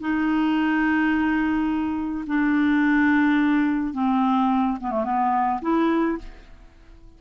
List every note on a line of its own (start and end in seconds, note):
0.00 2.24 D#4
2.26 3.93 D4
3.93 4.77 C4
4.80 4.90 B3
4.90 5.04 A3
5.04 5.60 B3
5.61 6.17 E4